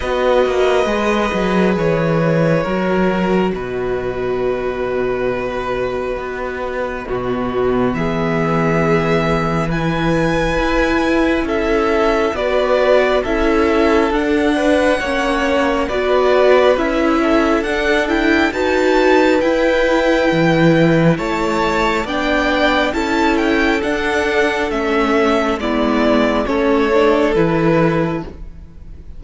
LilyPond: <<
  \new Staff \with { instrumentName = "violin" } { \time 4/4 \tempo 4 = 68 dis''2 cis''2 | dis''1~ | dis''4 e''2 gis''4~ | gis''4 e''4 d''4 e''4 |
fis''2 d''4 e''4 | fis''8 g''8 a''4 g''2 | a''4 g''4 a''8 g''8 fis''4 | e''4 d''4 cis''4 b'4 | }
  \new Staff \with { instrumentName = "violin" } { \time 4/4 b'2. ais'4 | b'1 | fis'4 gis'2 b'4~ | b'4 a'4 b'4 a'4~ |
a'8 b'8 cis''4 b'4. a'8~ | a'4 b'2. | cis''4 d''4 a'2~ | a'4 e'4 a'2 | }
  \new Staff \with { instrumentName = "viola" } { \time 4/4 fis'4 gis'2 fis'4~ | fis'1 | b2. e'4~ | e'2 fis'4 e'4 |
d'4 cis'4 fis'4 e'4 | d'8 e'8 fis'4 e'2~ | e'4 d'4 e'4 d'4 | cis'4 b4 cis'8 d'8 e'4 | }
  \new Staff \with { instrumentName = "cello" } { \time 4/4 b8 ais8 gis8 fis8 e4 fis4 | b,2. b4 | b,4 e2. | e'4 cis'4 b4 cis'4 |
d'4 ais4 b4 cis'4 | d'4 dis'4 e'4 e4 | a4 b4 cis'4 d'4 | a4 gis4 a4 e4 | }
>>